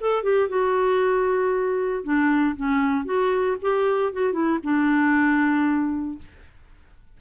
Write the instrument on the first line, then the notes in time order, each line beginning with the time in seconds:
clarinet
0.00 A4
0.23 G4
0.48 F#4
2.04 D4
2.56 C#4
3.05 F#4
3.61 G4
4.13 F#4
4.33 E4
4.63 D4